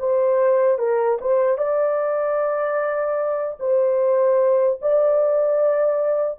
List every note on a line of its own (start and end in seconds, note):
0.00 0.79 C5
0.79 1.19 A#4
1.21 1.58 C5
1.58 3.58 D5
3.60 4.80 C5
4.82 6.39 D5